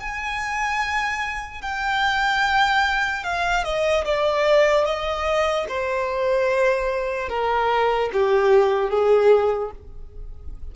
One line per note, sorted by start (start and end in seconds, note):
0.00 1.62 G#5
1.62 3.24 G5
3.24 3.64 F5
3.64 4.05 D#5
4.05 4.85 D5
4.85 5.66 D#5
5.68 7.29 C5
7.29 8.10 A#4
8.13 8.90 G4
8.90 9.71 G#4